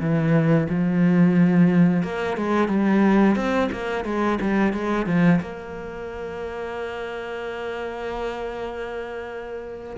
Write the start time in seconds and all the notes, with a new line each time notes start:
0.00 E3
0.69 F3
2.03 A#3
2.37 G#3
2.68 G3
3.36 C4
3.72 A#3
4.05 G#3
4.41 G3
4.73 G#3
5.06 F3
5.41 A#3